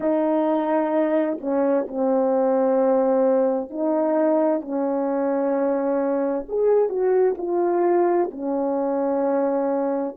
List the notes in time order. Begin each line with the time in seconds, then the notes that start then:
0.00 D#4
1.40 C#4
1.87 C4
3.70 D#4
4.61 C#4
6.48 G#4
6.89 F#4
7.37 F4
8.31 C#4